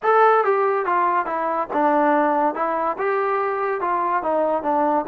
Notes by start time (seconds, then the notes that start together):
0.02 A4
0.44 G4
0.85 F4
1.25 E4
1.73 D4
2.54 E4
2.98 G4
3.80 F4
4.23 D#4
4.62 D4